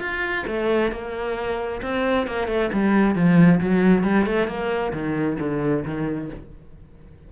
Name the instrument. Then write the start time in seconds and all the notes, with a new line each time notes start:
cello
0.00 F4
0.47 A3
0.91 A#3
1.82 C4
2.26 A#3
2.47 A3
2.73 G3
3.15 F3
3.60 F#3
4.03 G3
4.26 A3
4.48 A#3
4.93 D#3
5.39 D3
5.85 D#3